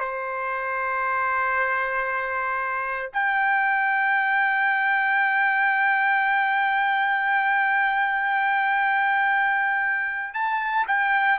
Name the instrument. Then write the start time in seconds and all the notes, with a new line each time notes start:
trumpet
0.00 C5
3.14 G5
10.34 A5
10.88 G5